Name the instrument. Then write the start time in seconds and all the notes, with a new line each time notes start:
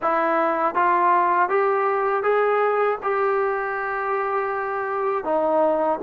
trombone
0.02 E4
0.75 F4
1.49 G4
2.23 G#4
3.02 G4
5.24 D#4